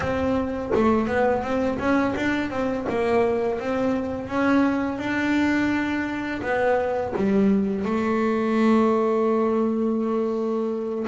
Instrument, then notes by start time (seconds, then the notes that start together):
double bass
0.00 C4
0.74 A3
1.07 B3
1.43 C4
1.79 C#4
2.16 D4
2.50 C4
2.89 A#3
3.59 C4
4.28 C#4
4.98 D4
6.42 B3
7.16 G3
7.84 A3